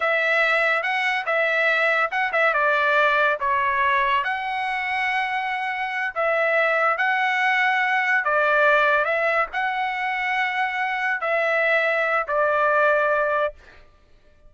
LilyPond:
\new Staff \with { instrumentName = "trumpet" } { \time 4/4 \tempo 4 = 142 e''2 fis''4 e''4~ | e''4 fis''8 e''8 d''2 | cis''2 fis''2~ | fis''2~ fis''8 e''4.~ |
e''8 fis''2. d''8~ | d''4. e''4 fis''4.~ | fis''2~ fis''8 e''4.~ | e''4 d''2. | }